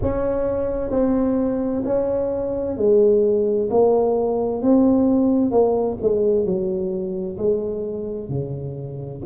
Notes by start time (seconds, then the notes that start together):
0.02 C#4
0.90 C4
1.84 C#4
2.77 G#3
3.70 A#3
4.62 C4
5.51 A#3
6.02 G#3
6.44 F#3
7.37 G#3
8.29 C#3